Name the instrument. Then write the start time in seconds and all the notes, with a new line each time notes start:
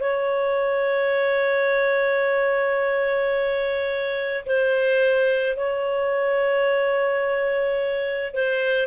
clarinet
0.00 C#5
4.45 C5
5.56 C#5
8.33 C5